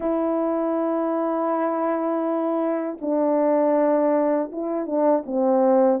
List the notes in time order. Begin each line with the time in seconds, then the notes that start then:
0.00 E4
3.01 D4
4.52 E4
4.86 D4
5.26 C4